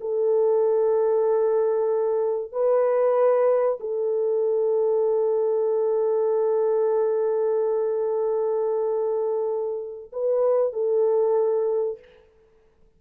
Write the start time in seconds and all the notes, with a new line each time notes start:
0.00 A4
2.52 B4
3.80 A4
10.12 B4
10.72 A4